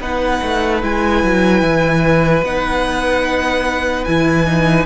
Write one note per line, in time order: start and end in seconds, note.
0.00 0.41 B3
0.00 0.81 D#4
0.00 4.86 B4
0.00 0.83 F#5
0.42 0.83 A3
0.81 1.23 G#3
0.81 2.44 E4
0.81 2.44 G#5
1.23 1.62 F#3
1.62 2.43 E3
2.43 4.05 B3
2.43 4.07 D#4
2.43 4.04 F#5
4.04 4.86 E3
4.04 4.45 E4
4.04 4.85 G#5
4.45 4.86 D#4